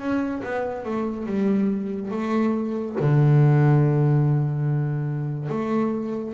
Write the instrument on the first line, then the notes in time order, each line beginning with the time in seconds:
double bass
0.00 C#4
0.44 B3
0.85 A3
1.27 G3
2.12 A3
3.00 D3
5.50 A3